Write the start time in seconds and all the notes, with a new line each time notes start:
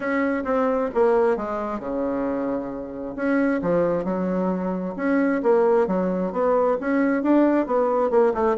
0.00 C#4
0.44 C4
0.94 A#3
1.37 G#3
1.79 C#3
3.15 C#4
3.62 F3
4.04 F#3
4.96 C#4
5.42 A#3
5.87 F#3
6.32 B3
6.80 C#4
7.23 D4
7.66 B3
8.10 A#3
8.34 A3